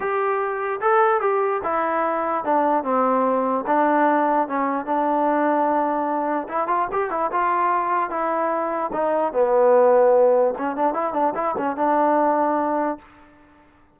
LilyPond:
\new Staff \with { instrumentName = "trombone" } { \time 4/4 \tempo 4 = 148 g'2 a'4 g'4 | e'2 d'4 c'4~ | c'4 d'2 cis'4 | d'1 |
e'8 f'8 g'8 e'8 f'2 | e'2 dis'4 b4~ | b2 cis'8 d'8 e'8 d'8 | e'8 cis'8 d'2. | }